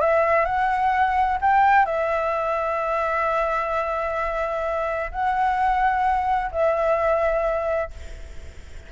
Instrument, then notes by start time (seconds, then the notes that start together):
flute
0.00 E5
0.45 F#5
1.41 G5
1.85 E5
5.11 F#5
6.51 E5